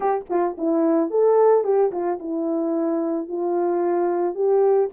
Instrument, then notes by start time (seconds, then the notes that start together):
horn
0.00 G4
0.29 F4
0.57 E4
1.10 A4
1.63 G4
1.91 F4
2.19 E4
3.28 F4
4.34 G4